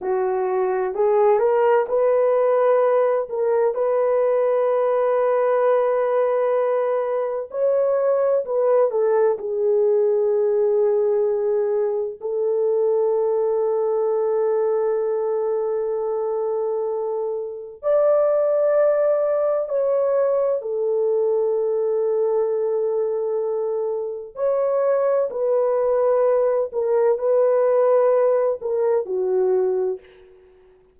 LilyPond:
\new Staff \with { instrumentName = "horn" } { \time 4/4 \tempo 4 = 64 fis'4 gis'8 ais'8 b'4. ais'8 | b'1 | cis''4 b'8 a'8 gis'2~ | gis'4 a'2.~ |
a'2. d''4~ | d''4 cis''4 a'2~ | a'2 cis''4 b'4~ | b'8 ais'8 b'4. ais'8 fis'4 | }